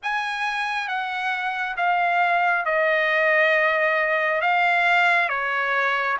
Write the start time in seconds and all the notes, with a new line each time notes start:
0.02 G#5
0.87 F#5
1.76 F5
2.65 D#5
4.41 F5
5.29 C#5